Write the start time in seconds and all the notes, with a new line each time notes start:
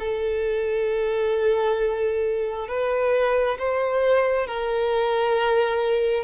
0.00 A4
2.69 B4
3.59 C5
4.47 A#4